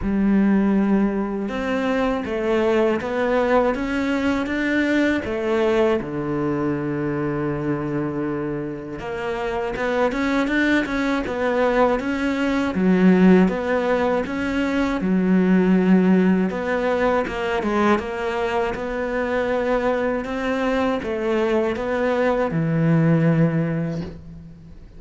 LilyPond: \new Staff \with { instrumentName = "cello" } { \time 4/4 \tempo 4 = 80 g2 c'4 a4 | b4 cis'4 d'4 a4 | d1 | ais4 b8 cis'8 d'8 cis'8 b4 |
cis'4 fis4 b4 cis'4 | fis2 b4 ais8 gis8 | ais4 b2 c'4 | a4 b4 e2 | }